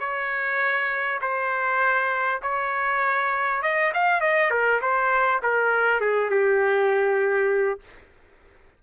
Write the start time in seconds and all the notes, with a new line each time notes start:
0.00 C#5
1.22 C5
2.43 C#5
3.62 D#5
3.94 F5
4.21 D#5
4.51 A#4
4.82 C5
5.43 A#4
6.01 G#4
6.30 G4